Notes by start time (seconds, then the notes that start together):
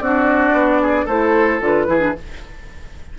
0.00 C4 D4 F#4 D5
0.52 B3
0.82 G#4
1.05 A3 E4 A4 C5
1.61 D3 F4 B4
1.87 E3 E4 G#4
2.00 D4